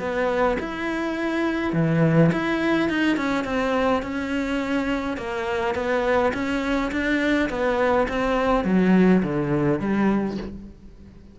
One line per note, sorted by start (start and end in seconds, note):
0.00 0.58 B3
0.60 1.73 E4
1.73 2.31 E3
2.33 2.90 E4
2.90 3.17 D#4
3.17 3.45 C#4
3.45 4.03 C4
4.03 5.18 C#4
5.18 5.75 A#3
5.75 6.33 B3
6.34 6.92 C#4
6.92 7.50 D4
7.50 8.08 B3
8.09 8.65 C4
8.65 9.23 F#3
9.23 9.80 D3
9.80 10.38 G3